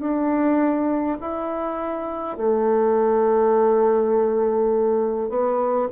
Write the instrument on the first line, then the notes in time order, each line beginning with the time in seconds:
bassoon
0.00 D4
1.21 E4
2.37 A3
5.29 B3